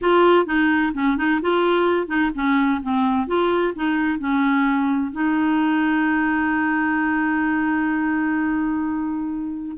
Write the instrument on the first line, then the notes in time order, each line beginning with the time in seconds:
clarinet
0.01 F4
0.45 D#4
0.94 C#4
1.17 D#4
1.41 F4
2.07 D#4
2.34 C#4
2.82 C4
3.27 F4
3.75 D#4
4.19 C#4
5.12 D#4